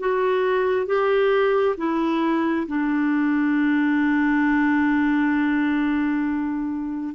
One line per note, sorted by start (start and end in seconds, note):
0.00 0.87 F#4
0.87 1.76 G4
1.77 2.67 E4
2.67 7.15 D4